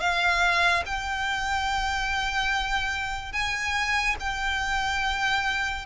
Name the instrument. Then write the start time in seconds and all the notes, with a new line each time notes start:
violin
0.00 F5
0.86 G5
3.33 G#5
4.20 G5